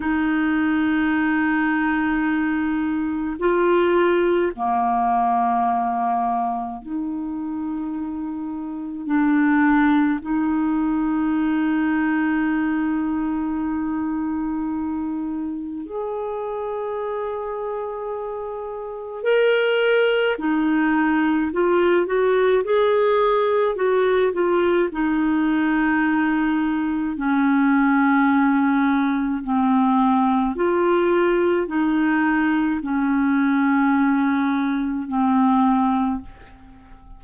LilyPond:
\new Staff \with { instrumentName = "clarinet" } { \time 4/4 \tempo 4 = 53 dis'2. f'4 | ais2 dis'2 | d'4 dis'2.~ | dis'2 gis'2~ |
gis'4 ais'4 dis'4 f'8 fis'8 | gis'4 fis'8 f'8 dis'2 | cis'2 c'4 f'4 | dis'4 cis'2 c'4 | }